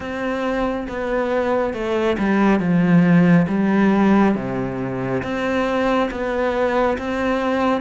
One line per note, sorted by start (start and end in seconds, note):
0.00 0.87 C4
0.88 1.73 B3
1.73 2.17 A3
2.18 2.59 G3
2.59 3.46 F3
3.48 4.35 G3
4.35 5.22 C3
5.22 6.09 C4
6.10 6.97 B3
6.98 7.81 C4